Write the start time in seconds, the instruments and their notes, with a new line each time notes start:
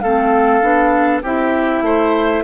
0.00 bassoon A3, clarinet C4, oboe A4, flute F5
0.62 bassoon B3, clarinet D4
1.23 bassoon C4, clarinet E4, oboe G4, flute E5
1.82 bassoon A3, oboe C5